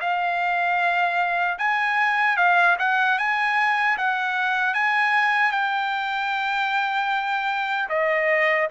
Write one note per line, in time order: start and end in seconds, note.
0.00 1.58 F5
1.58 2.36 G#5
2.36 2.76 F5
2.78 3.18 F#5
3.18 3.97 G#5
3.97 4.73 F#5
4.73 5.52 G#5
5.52 7.88 G5
7.89 8.68 D#5